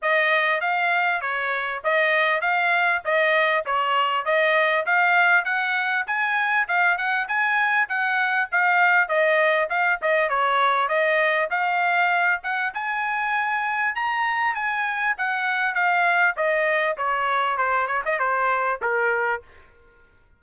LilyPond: \new Staff \with { instrumentName = "trumpet" } { \time 4/4 \tempo 4 = 99 dis''4 f''4 cis''4 dis''4 | f''4 dis''4 cis''4 dis''4 | f''4 fis''4 gis''4 f''8 fis''8 | gis''4 fis''4 f''4 dis''4 |
f''8 dis''8 cis''4 dis''4 f''4~ | f''8 fis''8 gis''2 ais''4 | gis''4 fis''4 f''4 dis''4 | cis''4 c''8 cis''16 dis''16 c''4 ais'4 | }